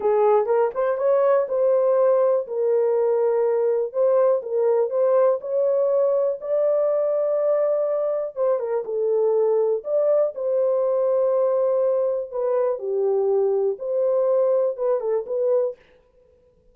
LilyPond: \new Staff \with { instrumentName = "horn" } { \time 4/4 \tempo 4 = 122 gis'4 ais'8 c''8 cis''4 c''4~ | c''4 ais'2. | c''4 ais'4 c''4 cis''4~ | cis''4 d''2.~ |
d''4 c''8 ais'8 a'2 | d''4 c''2.~ | c''4 b'4 g'2 | c''2 b'8 a'8 b'4 | }